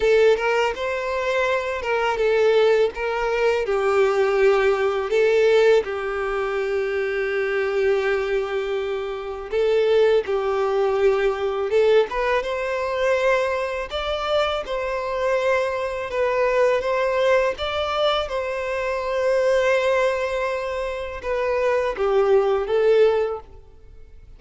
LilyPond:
\new Staff \with { instrumentName = "violin" } { \time 4/4 \tempo 4 = 82 a'8 ais'8 c''4. ais'8 a'4 | ais'4 g'2 a'4 | g'1~ | g'4 a'4 g'2 |
a'8 b'8 c''2 d''4 | c''2 b'4 c''4 | d''4 c''2.~ | c''4 b'4 g'4 a'4 | }